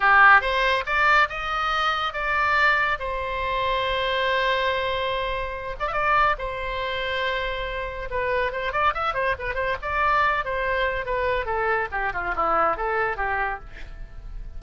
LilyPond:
\new Staff \with { instrumentName = "oboe" } { \time 4/4 \tempo 4 = 141 g'4 c''4 d''4 dis''4~ | dis''4 d''2 c''4~ | c''1~ | c''4. d''16 e''16 d''4 c''4~ |
c''2. b'4 | c''8 d''8 e''8 c''8 b'8 c''8 d''4~ | d''8 c''4. b'4 a'4 | g'8 f'8 e'4 a'4 g'4 | }